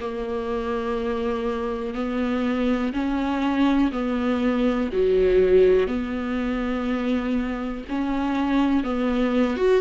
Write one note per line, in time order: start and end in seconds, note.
0.00 1.95 A#3
1.95 2.93 B3
2.93 3.92 C#4
3.92 4.90 B3
4.93 5.88 F#3
5.88 7.85 B3
7.90 8.84 C#4
8.84 9.57 B3
9.57 9.81 F#4